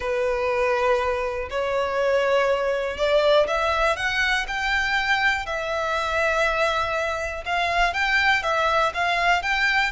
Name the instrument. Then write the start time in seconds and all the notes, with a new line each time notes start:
violin
0.00 B4
1.50 C#5
2.97 D5
3.47 E5
3.96 F#5
4.47 G5
5.45 E5
7.45 F5
7.93 G5
8.42 E5
8.94 F5
9.42 G5